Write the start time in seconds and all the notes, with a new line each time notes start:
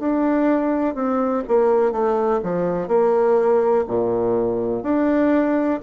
0.00 D4
0.95 C4
1.48 A#3
1.92 A3
2.43 F3
2.88 A#3
3.88 A#2
4.83 D4